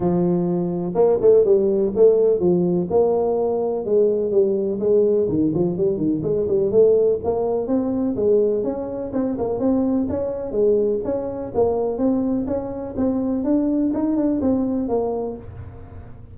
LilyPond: \new Staff \with { instrumentName = "tuba" } { \time 4/4 \tempo 4 = 125 f2 ais8 a8 g4 | a4 f4 ais2 | gis4 g4 gis4 dis8 f8 | g8 dis8 gis8 g8 a4 ais4 |
c'4 gis4 cis'4 c'8 ais8 | c'4 cis'4 gis4 cis'4 | ais4 c'4 cis'4 c'4 | d'4 dis'8 d'8 c'4 ais4 | }